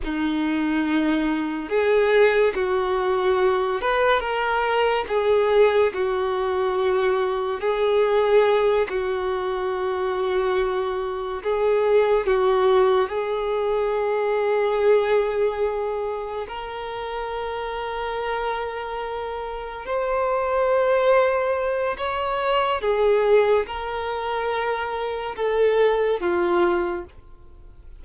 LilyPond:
\new Staff \with { instrumentName = "violin" } { \time 4/4 \tempo 4 = 71 dis'2 gis'4 fis'4~ | fis'8 b'8 ais'4 gis'4 fis'4~ | fis'4 gis'4. fis'4.~ | fis'4. gis'4 fis'4 gis'8~ |
gis'2.~ gis'8 ais'8~ | ais'2.~ ais'8 c''8~ | c''2 cis''4 gis'4 | ais'2 a'4 f'4 | }